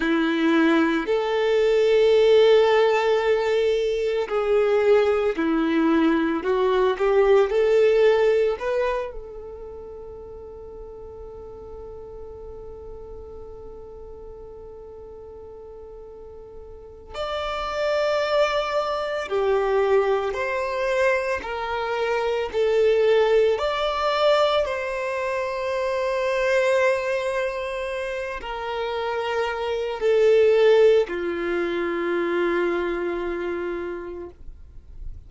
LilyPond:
\new Staff \with { instrumentName = "violin" } { \time 4/4 \tempo 4 = 56 e'4 a'2. | gis'4 e'4 fis'8 g'8 a'4 | b'8 a'2.~ a'8~ | a'1 |
d''2 g'4 c''4 | ais'4 a'4 d''4 c''4~ | c''2~ c''8 ais'4. | a'4 f'2. | }